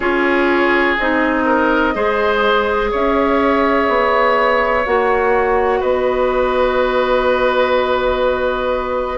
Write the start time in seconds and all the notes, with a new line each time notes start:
0.00 C#4 F4 G#4 C#5
0.98 C4 D#4 D#5
1.45 A#4
1.94 G#3 G#4 C5
2.91 C#4 C#5 E5
3.88 B3
4.85 A#3 F#4 F#5
5.79 B3 B4 D#5